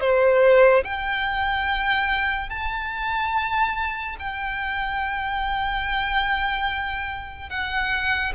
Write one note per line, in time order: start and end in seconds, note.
0.00 0.83 C5
0.84 2.49 G5
2.49 4.16 A5
4.19 7.49 G5
7.49 8.33 F#5